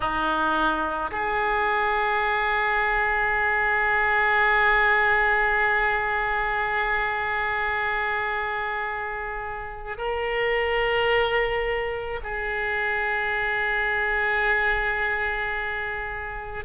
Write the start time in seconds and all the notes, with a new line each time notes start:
0.00 D#4
1.11 G#4
9.97 A#4
12.23 G#4